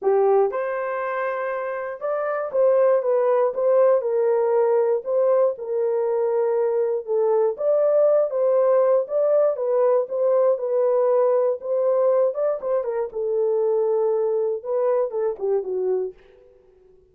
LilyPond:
\new Staff \with { instrumentName = "horn" } { \time 4/4 \tempo 4 = 119 g'4 c''2. | d''4 c''4 b'4 c''4 | ais'2 c''4 ais'4~ | ais'2 a'4 d''4~ |
d''8 c''4. d''4 b'4 | c''4 b'2 c''4~ | c''8 d''8 c''8 ais'8 a'2~ | a'4 b'4 a'8 g'8 fis'4 | }